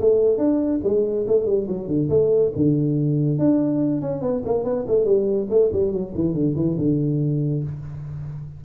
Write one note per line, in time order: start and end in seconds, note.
0.00 0.37 A3
0.37 0.80 D4
0.83 1.26 G#3
1.27 1.45 A3
1.45 1.67 G3
1.67 1.87 F#3
1.87 2.08 D3
2.09 2.52 A3
2.55 3.38 D3
3.38 4.01 D4
4.01 4.21 C#4
4.21 4.42 B3
4.45 4.64 A#3
4.64 4.85 B3
4.87 5.05 A3
5.05 5.47 G3
5.49 5.70 A3
5.72 5.91 G3
5.91 6.13 F#3
6.14 6.33 E3
6.33 6.55 D3
6.55 6.76 E3
6.78 7.63 D3